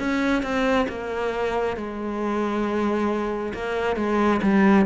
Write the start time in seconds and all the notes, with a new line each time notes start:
0.00 C#4
0.43 C4
0.89 A#3
1.77 G#3
3.54 A#3
3.97 G#3
4.43 G3